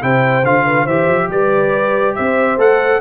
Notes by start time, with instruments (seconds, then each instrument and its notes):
0.00 tuba C3, trombone E4, horn C5, trumpet G5
0.43 tuba D3, trombone F4, trumpet F5
0.65 horn B4
0.84 tuba E3, trombone G4, horn C5, trumpet E5
1.07 tuba F3
1.29 tuba G3, horn B4, trumpet D5
2.15 tuba C4, horn C5, trumpet E5
2.57 tuba A3, trombone A4, trumpet F#5